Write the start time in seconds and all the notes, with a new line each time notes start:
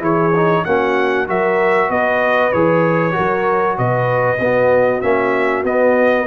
0.00 E3 E4 G#4 C#5
0.37 D#4
0.65 A#3 C#4 F#4 F#5
1.28 F#3 F#4 A#4 E5
1.90 B3 B4 D#5
2.53 E3 G#4 C#5
3.12 F#4 A#4
3.18 F#3
3.79 B2 B4 D#5
4.40 B3 F#4
5.02 A#3 C#4 E5
5.64 B3 D#5